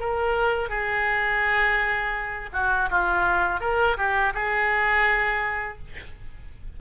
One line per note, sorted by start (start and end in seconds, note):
0.00 0.69 A#4
0.69 2.50 G#4
2.53 2.89 F#4
2.91 3.61 F4
3.61 3.97 A#4
3.98 4.34 G4
4.34 5.79 G#4